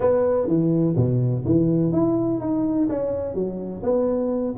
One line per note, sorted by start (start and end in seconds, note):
0.00 0.47 B3
0.47 0.95 E3
0.96 1.44 B2
1.45 1.92 E3
1.92 2.40 E4
2.40 2.88 D#4
2.88 3.34 C#4
3.34 3.82 F#3
3.82 4.54 B3